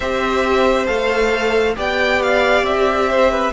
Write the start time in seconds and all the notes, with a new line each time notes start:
0.00 C4 G4 C5 E5
0.86 A3 A4 F5
1.75 B3 G4 D5 G5
2.22 F5
2.62 C4 E5
3.09 C5
3.30 B4